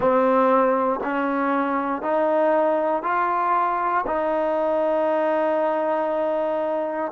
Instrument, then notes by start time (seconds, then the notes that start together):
trombone
0.00 C4
1.03 C#4
2.02 D#4
3.02 F4
4.07 D#4